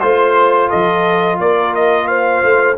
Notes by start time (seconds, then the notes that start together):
0.00 A3 F4 C5
0.68 F3 A4 D#5
1.39 A#3 A#4 D5
1.74 D#5
2.07 C5 F5
2.42 A3